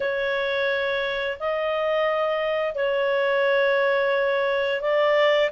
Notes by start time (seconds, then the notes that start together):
0.00 C#5
1.39 D#5
2.74 C#5
4.81 D5